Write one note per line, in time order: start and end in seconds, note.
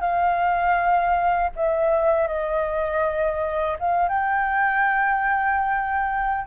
0.00 1.50 F5
1.55 2.27 E5
2.27 3.77 D#5
3.79 4.08 F5
4.08 6.47 G5